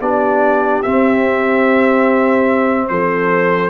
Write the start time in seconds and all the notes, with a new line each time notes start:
0.00 B3 D4 G4 D5
0.82 C4 E5
2.88 F3 A4 C5